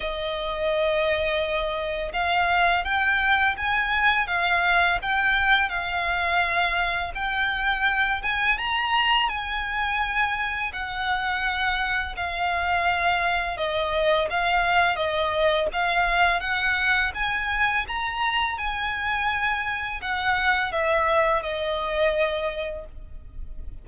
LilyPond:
\new Staff \with { instrumentName = "violin" } { \time 4/4 \tempo 4 = 84 dis''2. f''4 | g''4 gis''4 f''4 g''4 | f''2 g''4. gis''8 | ais''4 gis''2 fis''4~ |
fis''4 f''2 dis''4 | f''4 dis''4 f''4 fis''4 | gis''4 ais''4 gis''2 | fis''4 e''4 dis''2 | }